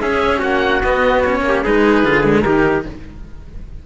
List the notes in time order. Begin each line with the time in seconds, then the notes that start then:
0.00 C#4 G#4 E5
0.38 A#3 F#4 F#5
0.83 B3 D#5
1.22 C#4 C#5
1.41 A#3
1.48 G4
1.63 G#3 D#4 G#4 B4
2.04 D3 F4
2.23 G#3
2.41 D#3 D#4 G4 A#4